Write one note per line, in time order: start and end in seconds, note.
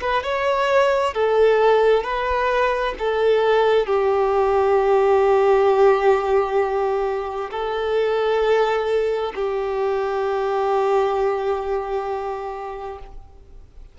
0.00 0.23 B4
0.23 1.13 C#5
1.13 2.03 A4
2.03 2.94 B4
2.98 3.86 A4
3.86 7.50 G4
7.50 9.32 A4
9.35 12.98 G4